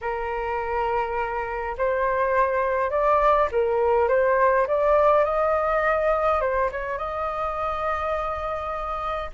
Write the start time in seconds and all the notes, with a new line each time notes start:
0.01 A#4
1.77 C5
2.90 D5
3.51 A#4
4.08 C5
4.67 D5
5.24 D#5
6.40 C5
6.71 C#5
6.97 D#5